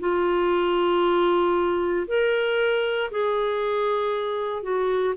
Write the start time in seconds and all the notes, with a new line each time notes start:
0.00 F4
2.08 A#4
3.11 G#4
4.63 F#4